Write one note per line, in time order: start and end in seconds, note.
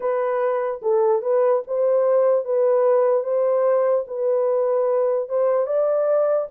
0.00 0.81 B4
0.81 1.22 A4
1.22 1.62 B4
1.67 2.44 C5
2.44 3.23 B4
3.23 4.04 C5
4.07 5.28 B4
5.28 5.66 C5
5.66 6.47 D5